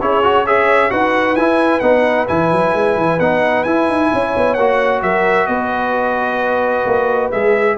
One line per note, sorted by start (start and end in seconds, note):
0.00 0.92 C#4
0.00 0.23 E4
0.00 0.47 G#4
0.00 0.47 C#5
0.23 0.46 F#4
0.47 0.91 G#4
0.47 0.92 C#5
0.47 0.91 E5
0.91 1.36 D#4
0.91 1.36 F#4
0.91 4.12 B4
0.91 1.36 F#5
1.36 1.82 E4
1.36 1.80 G#5
1.80 2.28 B3
1.80 2.28 D#4
1.80 2.26 F#5
2.28 2.52 E3
2.28 3.19 E4
2.28 3.20 G#5
2.52 2.74 F#3
2.74 2.97 G#3
2.97 3.20 E3
3.20 3.65 B3
3.20 3.66 D#4
3.20 3.64 F#5
3.64 3.88 E4
3.64 4.58 E4
3.64 4.55 G#5
3.88 4.11 D#4
4.14 4.36 C#4
4.14 5.03 C#5
4.37 4.57 B3
4.55 5.03 A#3
4.55 7.33 F#4
4.55 5.00 F#5
5.03 5.48 F#3
5.03 5.49 A#4
5.03 5.47 E5
5.47 6.85 B3
5.47 7.78 B4
5.47 7.31 D#5
6.86 7.32 A#3
7.32 7.78 G#3
7.32 7.78 G#4
7.32 7.77 E5